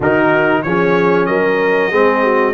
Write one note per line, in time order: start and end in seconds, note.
0.00 0.64 D#3
0.00 0.65 D#4
0.00 0.62 F#4
0.00 0.62 A#4
0.62 1.28 F3
0.62 1.91 C#4
0.62 1.28 G#4
0.62 1.26 C#5
1.26 1.92 F#3
1.26 1.91 A#4
1.26 2.53 D#5
1.91 2.53 G#3
1.91 2.53 C4
1.91 2.22 G#4
2.22 2.53 F#4